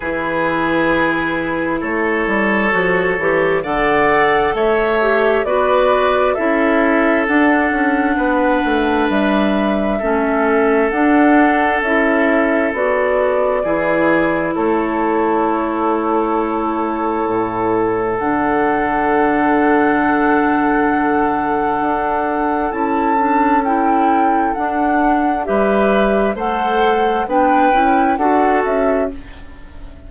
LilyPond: <<
  \new Staff \with { instrumentName = "flute" } { \time 4/4 \tempo 4 = 66 b'2 cis''2 | fis''4 e''4 d''4 e''4 | fis''2 e''2 | fis''4 e''4 d''2 |
cis''1 | fis''1~ | fis''4 a''4 g''4 fis''4 | e''4 fis''4 g''4 fis''8 e''8 | }
  \new Staff \with { instrumentName = "oboe" } { \time 4/4 gis'2 a'2 | d''4 cis''4 b'4 a'4~ | a'4 b'2 a'4~ | a'2. gis'4 |
a'1~ | a'1~ | a'1 | b'4 c''4 b'4 a'4 | }
  \new Staff \with { instrumentName = "clarinet" } { \time 4/4 e'2. fis'8 g'8 | a'4. g'8 fis'4 e'4 | d'2. cis'4 | d'4 e'4 fis'4 e'4~ |
e'1 | d'1~ | d'4 e'8 d'8 e'4 d'4 | g'4 a'4 d'8 e'8 fis'4 | }
  \new Staff \with { instrumentName = "bassoon" } { \time 4/4 e2 a8 g8 f8 e8 | d4 a4 b4 cis'4 | d'8 cis'8 b8 a8 g4 a4 | d'4 cis'4 b4 e4 |
a2. a,4 | d1 | d'4 cis'2 d'4 | g4 a4 b8 cis'8 d'8 cis'8 | }
>>